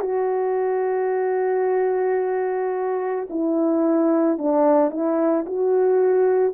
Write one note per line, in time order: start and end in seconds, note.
0.00 3.27 F#4
3.29 4.38 E4
4.38 4.90 D4
4.90 5.45 E4
5.46 6.53 F#4